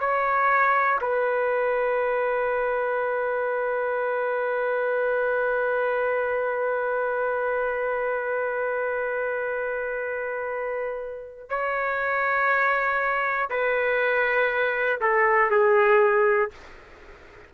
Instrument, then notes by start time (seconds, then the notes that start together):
trumpet
0.00 C#5
1.00 B4
11.49 C#5
13.50 B4
15.00 A4
15.50 G#4